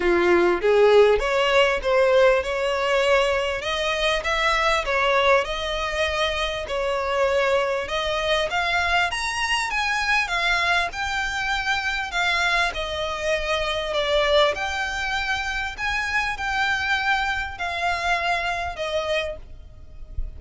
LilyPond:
\new Staff \with { instrumentName = "violin" } { \time 4/4 \tempo 4 = 99 f'4 gis'4 cis''4 c''4 | cis''2 dis''4 e''4 | cis''4 dis''2 cis''4~ | cis''4 dis''4 f''4 ais''4 |
gis''4 f''4 g''2 | f''4 dis''2 d''4 | g''2 gis''4 g''4~ | g''4 f''2 dis''4 | }